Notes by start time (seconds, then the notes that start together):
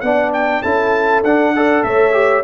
0.00 B3 D4 D5 F#5
0.33 G5
0.62 C#4 E4 A4 A5
1.23 D4 F#5
1.55 A4 D5
1.83 A3 C#5 E5
2.12 G4